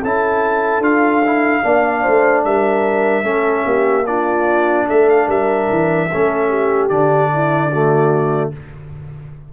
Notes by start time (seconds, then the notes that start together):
0.00 C#4 E4 A4 A5
0.79 D4 F4 F5
1.26 E4
1.62 A#3 D4 D5
2.03 A3 C5
2.44 G3 A#4 E5
3.23 A3 C#4 A4
3.65 A#3 G4
4.06 D4 F4 D5
4.87 A3 A4 E5
5.09 F5
5.27 G3 A#4 E5
5.70 E3
6.11 A3 C#4 A4
6.49 G4
6.88 D3 D4 D5
7.33 E4
7.70 A3 F#4